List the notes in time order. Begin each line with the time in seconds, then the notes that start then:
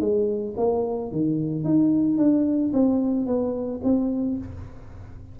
0.00 G#3
0.57 A#3
1.12 D#3
1.64 D#4
2.18 D4
2.73 C4
3.26 B3
3.84 C4